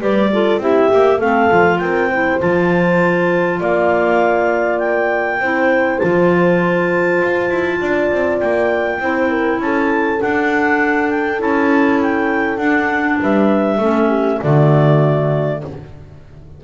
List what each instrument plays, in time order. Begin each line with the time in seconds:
0.00 double bass G3, clarinet G4 D5, horn B4
0.33 clarinet F4, horn A4
0.58 double bass C4, clarinet E4 E5, horn G4
0.92 double bass A#3, clarinet G4
1.18 double bass A3, clarinet C4 F5, horn A4
1.51 double bass F3, clarinet F4
1.79 double bass C4, horn A#4, clarinet G5
2.10 clarinet E4, horn C5
2.40 double bass F3, clarinet F4 A5
3.60 double bass A#3, horn D5, clarinet F5
4.79 clarinet G5
5.41 double bass C4, clarinet E4, horn C5
5.99 double bass F3, clarinet F4 A5
7.22 double bass F4
7.50 double bass E4
7.81 double bass D4, horn D5
8.12 double bass C4
8.40 double bass A#3, clarinet G5
9.01 double bass C4, clarinet E4, horn C5
9.30 horn A#4
9.60 double bass C#4, horn A4, clarinet A5
10.20 clarinet D4 F#5, double bass D4
11.11 clarinet G5
11.39 double bass C#4, clarinet E4 A5
12.02 clarinet G5
12.58 double bass D4, clarinet D4 F#5
13.21 double bass G3, horn B4, clarinet E5
13.79 double bass A3, clarinet C#4, horn A4
14.09 horn G4
14.41 double bass D3, clarinet A3 D5, horn F#4